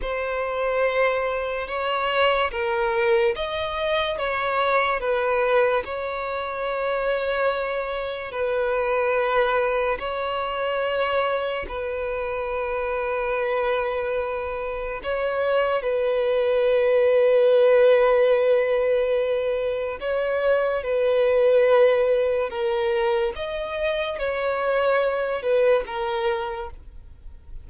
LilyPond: \new Staff \with { instrumentName = "violin" } { \time 4/4 \tempo 4 = 72 c''2 cis''4 ais'4 | dis''4 cis''4 b'4 cis''4~ | cis''2 b'2 | cis''2 b'2~ |
b'2 cis''4 b'4~ | b'1 | cis''4 b'2 ais'4 | dis''4 cis''4. b'8 ais'4 | }